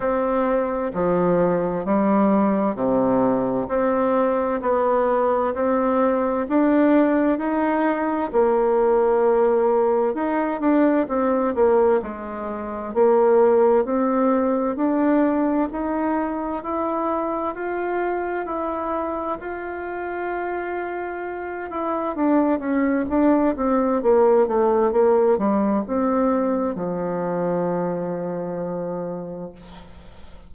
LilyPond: \new Staff \with { instrumentName = "bassoon" } { \time 4/4 \tempo 4 = 65 c'4 f4 g4 c4 | c'4 b4 c'4 d'4 | dis'4 ais2 dis'8 d'8 | c'8 ais8 gis4 ais4 c'4 |
d'4 dis'4 e'4 f'4 | e'4 f'2~ f'8 e'8 | d'8 cis'8 d'8 c'8 ais8 a8 ais8 g8 | c'4 f2. | }